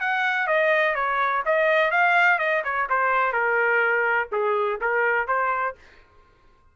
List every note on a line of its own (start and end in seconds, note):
0.00 0.47 F#5
0.47 0.95 D#5
0.95 1.43 C#5
1.45 1.91 D#5
1.91 2.38 F5
2.38 2.62 D#5
2.64 2.88 C#5
2.89 3.32 C5
3.32 4.28 A#4
4.31 4.79 G#4
4.81 5.27 A#4
5.27 5.75 C5